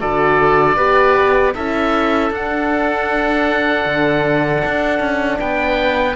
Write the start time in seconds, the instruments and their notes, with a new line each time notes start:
0.00 cello D3, horn F#4, oboe A4 D5
0.76 cello B3, horn G4, oboe B4
1.54 cello C#4, horn E4, oboe A4 E5
2.31 cello D4, horn D4, oboe F#5
3.85 cello D3
4.64 cello D4
4.99 cello C#4
5.39 cello B3, oboe B4 G5